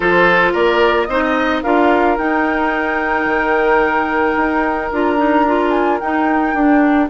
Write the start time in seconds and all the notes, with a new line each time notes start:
0.00 F3 F4 A4 C5
0.52 A#3 A#4 D5
1.05 C4 D#4 C5 D#5
1.23 D#5
1.62 D4 F4 A#4 F5
2.17 D#4 G5
3.25 D#3
4.36 D#4
4.91 D4 F4 A#5
5.17 D#4
5.46 F4
5.71 G#5
5.99 D#4 G5
6.54 D4